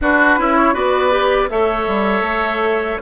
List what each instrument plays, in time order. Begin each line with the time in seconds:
0.01 bassoon D4, clarinet D4, oboe F#4, flute B4
0.38 bassoon C#4, clarinet E4, oboe E4
0.56 flute C#5
0.73 bassoon B3, clarinet F#4, oboe B4, flute D5
1.10 clarinet G4
1.49 bassoon A3, clarinet A4, oboe C#5, flute E5
1.87 bassoon G3
2.21 bassoon A3